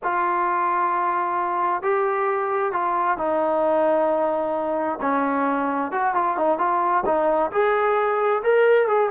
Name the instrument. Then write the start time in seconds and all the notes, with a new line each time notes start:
trombone
0.03 F4
1.82 G4
2.72 F4
3.17 D#4
5.01 C#4
5.91 F#4
6.14 F4
6.37 D#4
6.58 F4
7.05 D#4
7.51 G#4
8.43 A#4
8.87 G#4